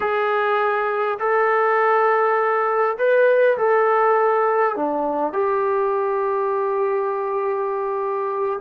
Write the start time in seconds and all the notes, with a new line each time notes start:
0.00 G#4
1.19 A4
2.98 B4
3.57 A4
4.76 D4
5.32 G4